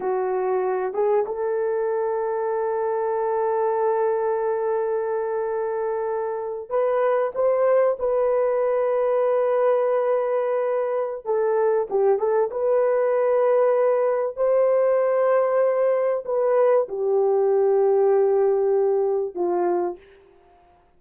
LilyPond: \new Staff \with { instrumentName = "horn" } { \time 4/4 \tempo 4 = 96 fis'4. gis'8 a'2~ | a'1~ | a'2~ a'8. b'4 c''16~ | c''8. b'2.~ b'16~ |
b'2 a'4 g'8 a'8 | b'2. c''4~ | c''2 b'4 g'4~ | g'2. f'4 | }